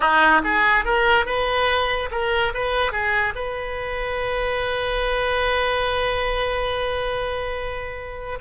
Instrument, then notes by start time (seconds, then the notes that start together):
oboe
0.00 D#4
0.43 G#4
0.84 A#4
1.25 B4
2.11 A#4
2.53 B4
2.91 G#4
3.35 B4